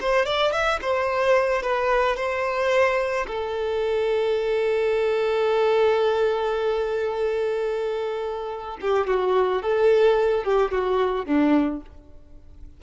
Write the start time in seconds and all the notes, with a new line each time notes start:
0.00 C5
0.25 D5
0.52 E5
0.81 C5
1.62 B4
2.16 C5
3.27 A4
8.81 G4
9.07 F#4
9.62 A4
10.44 G4
10.71 F#4
11.25 D4